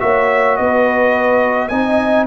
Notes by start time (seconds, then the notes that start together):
0.00 A#3 F#4 C#5 E5
0.57 B3 B4 D#5
1.69 C4 D#4 D#5 G#5